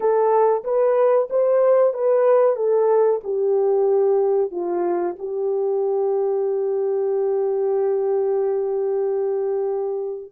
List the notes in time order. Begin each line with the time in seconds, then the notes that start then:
0.00 A4
0.64 B4
1.29 C5
1.93 B4
2.55 A4
3.23 G4
4.51 F4
5.18 G4